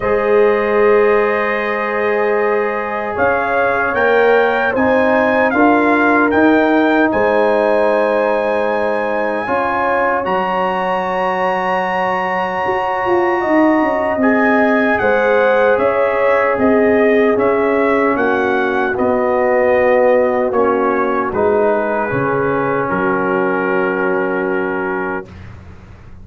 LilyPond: <<
  \new Staff \with { instrumentName = "trumpet" } { \time 4/4 \tempo 4 = 76 dis''1 | f''4 g''4 gis''4 f''4 | g''4 gis''2.~ | gis''4 ais''2.~ |
ais''2 gis''4 fis''4 | e''4 dis''4 e''4 fis''4 | dis''2 cis''4 b'4~ | b'4 ais'2. | }
  \new Staff \with { instrumentName = "horn" } { \time 4/4 c''1 | cis''2 c''4 ais'4~ | ais'4 c''2. | cis''1~ |
cis''4 dis''2 c''4 | cis''4 gis'2 fis'4~ | fis'2.~ fis'8 gis'8~ | gis'4 fis'2. | }
  \new Staff \with { instrumentName = "trombone" } { \time 4/4 gis'1~ | gis'4 ais'4 dis'4 f'4 | dis'1 | f'4 fis'2.~ |
fis'2 gis'2~ | gis'2 cis'2 | b2 cis'4 dis'4 | cis'1 | }
  \new Staff \with { instrumentName = "tuba" } { \time 4/4 gis1 | cis'4 ais4 c'4 d'4 | dis'4 gis2. | cis'4 fis2. |
fis'8 f'8 dis'8 cis'8 c'4 gis4 | cis'4 c'4 cis'4 ais4 | b2 ais4 gis4 | cis4 fis2. | }
>>